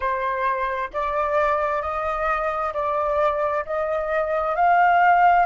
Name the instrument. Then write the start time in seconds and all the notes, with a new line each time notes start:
flute
0.00 C5
0.93 D5
1.82 D#5
2.73 D5
3.65 D#5
4.55 F5